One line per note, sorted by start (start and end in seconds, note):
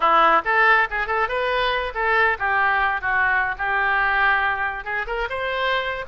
0.00 0.42 E4
0.44 0.88 A4
0.90 1.06 G#4
1.06 1.28 A4
1.28 1.93 B4
1.94 2.37 A4
2.38 3.01 G4
3.01 3.55 F#4
3.57 4.84 G4
4.84 5.06 G#4
5.06 5.28 A#4
5.29 6.05 C5